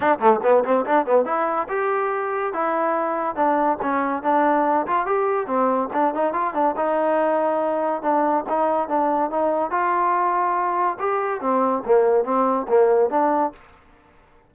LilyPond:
\new Staff \with { instrumentName = "trombone" } { \time 4/4 \tempo 4 = 142 d'8 a8 b8 c'8 d'8 b8 e'4 | g'2 e'2 | d'4 cis'4 d'4. f'8 | g'4 c'4 d'8 dis'8 f'8 d'8 |
dis'2. d'4 | dis'4 d'4 dis'4 f'4~ | f'2 g'4 c'4 | ais4 c'4 ais4 d'4 | }